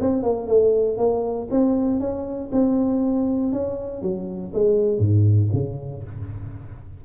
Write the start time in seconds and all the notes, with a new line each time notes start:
0.00 C4
0.23 A#3
0.47 A3
0.98 A#3
1.51 C4
2.00 C#4
2.52 C4
3.52 C#4
4.02 F#3
4.53 G#3
4.98 G#2
5.53 C#3